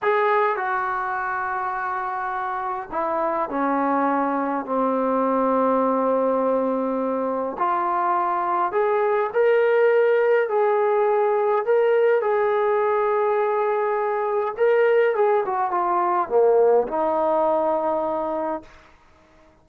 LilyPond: \new Staff \with { instrumentName = "trombone" } { \time 4/4 \tempo 4 = 103 gis'4 fis'2.~ | fis'4 e'4 cis'2 | c'1~ | c'4 f'2 gis'4 |
ais'2 gis'2 | ais'4 gis'2.~ | gis'4 ais'4 gis'8 fis'8 f'4 | ais4 dis'2. | }